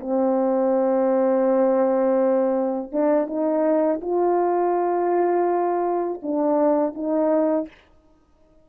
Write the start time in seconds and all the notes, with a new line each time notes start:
0.00 C4
2.92 D4
3.27 D#4
4.01 F4
6.23 D4
6.95 D#4